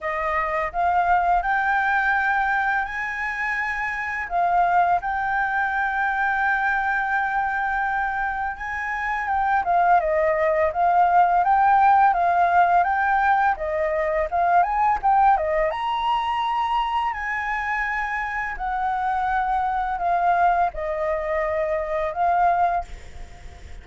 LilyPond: \new Staff \with { instrumentName = "flute" } { \time 4/4 \tempo 4 = 84 dis''4 f''4 g''2 | gis''2 f''4 g''4~ | g''1 | gis''4 g''8 f''8 dis''4 f''4 |
g''4 f''4 g''4 dis''4 | f''8 gis''8 g''8 dis''8 ais''2 | gis''2 fis''2 | f''4 dis''2 f''4 | }